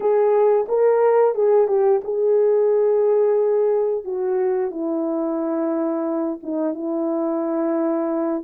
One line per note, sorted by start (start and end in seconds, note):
0.00 0.66 G#4
0.68 1.35 A#4
1.35 1.67 G#4
1.67 2.01 G4
2.04 4.04 G#4
4.04 4.70 F#4
4.70 6.39 E4
6.43 6.74 D#4
6.74 8.43 E4